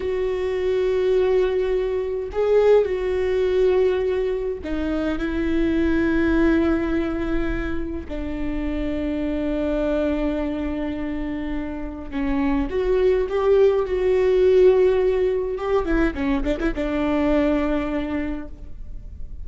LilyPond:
\new Staff \with { instrumentName = "viola" } { \time 4/4 \tempo 4 = 104 fis'1 | gis'4 fis'2. | dis'4 e'2.~ | e'2 d'2~ |
d'1~ | d'4 cis'4 fis'4 g'4 | fis'2. g'8 e'8 | cis'8 d'16 e'16 d'2. | }